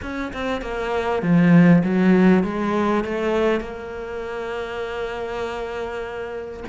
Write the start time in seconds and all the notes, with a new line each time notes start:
0.02 C#4
0.33 C4
0.61 A#3
1.22 F3
1.83 F#3
2.43 G#3
3.04 A3
3.60 A#3